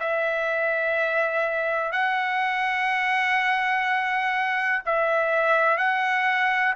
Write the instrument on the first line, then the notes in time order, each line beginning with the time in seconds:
trumpet
0.00 E5
1.92 F#5
4.85 E5
5.77 F#5